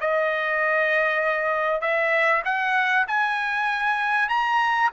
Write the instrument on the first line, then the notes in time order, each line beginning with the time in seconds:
trumpet
0.00 D#5
1.81 E5
2.44 F#5
3.07 G#5
4.29 A#5